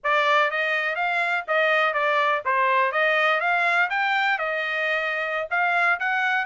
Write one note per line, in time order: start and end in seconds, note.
0.03 0.51 D5
0.51 0.95 D#5
0.95 1.44 F5
1.47 1.93 D#5
1.93 2.42 D5
2.45 2.91 C5
2.91 3.40 D#5
3.40 3.89 F5
3.89 4.38 G5
4.38 5.48 D#5
5.50 5.99 F5
5.99 6.45 F#5